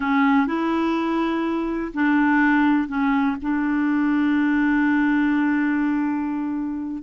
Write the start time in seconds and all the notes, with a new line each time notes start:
0.00 C#4
0.46 E4
1.94 D4
2.88 C#4
3.42 D4